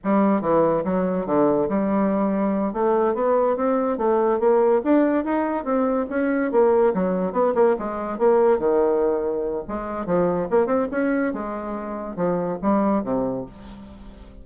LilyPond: \new Staff \with { instrumentName = "bassoon" } { \time 4/4 \tempo 4 = 143 g4 e4 fis4 d4 | g2~ g8 a4 b8~ | b8 c'4 a4 ais4 d'8~ | d'8 dis'4 c'4 cis'4 ais8~ |
ais8 fis4 b8 ais8 gis4 ais8~ | ais8 dis2~ dis8 gis4 | f4 ais8 c'8 cis'4 gis4~ | gis4 f4 g4 c4 | }